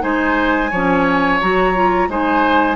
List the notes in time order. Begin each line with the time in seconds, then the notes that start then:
0.00 G#3 D#4 C5 G#5
0.71 F3 C#4 C#5
1.41 F#3 F#4 A#5
1.75 F4
2.08 G#3 D#4 C5 G#5